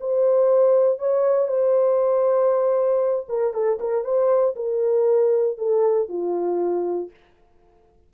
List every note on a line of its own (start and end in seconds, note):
0.00 0.99 C5
0.99 1.48 C#5
1.48 3.26 C5
3.29 3.53 A#4
3.53 3.79 A4
3.80 4.04 A#4
4.04 4.55 C5
4.56 5.58 A#4
5.58 6.09 A4
6.09 7.10 F4